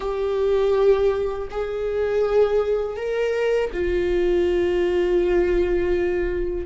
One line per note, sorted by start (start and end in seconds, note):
0.00 1.48 G4
1.50 2.96 G#4
2.96 3.70 A#4
3.72 6.66 F4